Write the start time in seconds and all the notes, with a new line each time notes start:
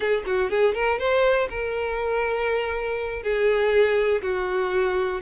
0.00 G#4
0.25 F#4
0.50 G#4
0.74 A#4
0.98 C5
1.49 A#4
3.22 G#4
4.21 F#4